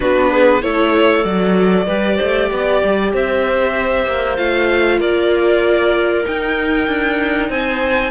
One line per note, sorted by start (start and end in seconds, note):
0.00 0.63 B3
0.00 0.61 D4
0.00 0.29 F#4
0.00 0.62 B4
0.30 0.62 G#4
0.61 1.24 A3
0.61 1.24 E4
0.61 1.86 A4
0.61 1.23 C#5
1.23 1.87 F#3
1.23 1.88 F#4
1.23 3.11 D5
1.86 2.19 G3
1.86 4.37 G4
1.86 2.16 B4
2.16 2.51 A3
2.16 2.47 C5
2.51 2.82 B3
2.51 3.13 D5
2.83 3.13 G3
3.13 4.06 C4
3.13 5.00 C5
3.13 4.36 E5
4.06 4.38 A#3
4.36 5.00 A3
4.36 6.24 F4
4.36 4.99 F5
5.00 6.25 A#3
5.00 7.49 A#4
5.00 6.25 D5
6.24 8.11 D#4
6.24 6.87 D#4
6.24 7.50 G5
6.87 7.49 D4
7.49 8.11 C4
7.49 8.11 C5
7.49 8.11 G#5